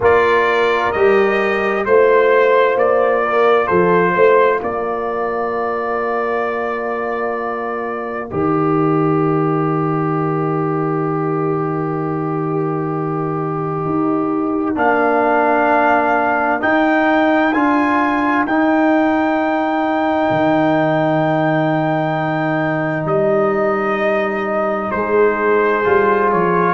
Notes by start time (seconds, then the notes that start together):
0.00 A#3 F4 A#4 D5
0.92 G3 G4 D#5
1.85 A3 F4 C5
2.75 A#3 D5
3.24 A#4
3.67 F3 A4 C5
4.15 A3 C5
4.60 A#3 A#4 D5
8.28 D#3 G4 D#5
13.85 D#4
14.75 A#3 D4 F5
16.60 D#4 G5
17.53 D4 F4 G#5
18.44 D#4 G5
20.30 D#3
23.05 G3 D#5
24.91 G#3 G#4 C5
25.84 G3 F4
26.31 F3 C#5